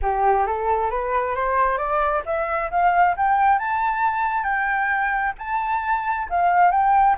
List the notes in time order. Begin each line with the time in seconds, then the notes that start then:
0.02 G4
0.46 A4
0.90 B4
1.35 C5
1.77 D5
2.25 E5
2.70 F5
3.16 G5
3.58 A5
4.43 G5
5.38 A5
6.29 F5
6.71 G5